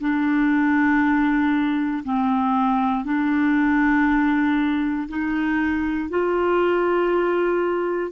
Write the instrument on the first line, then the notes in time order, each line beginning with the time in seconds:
clarinet
0.00 D4
2.04 C4
3.05 D4
5.08 D#4
6.09 F4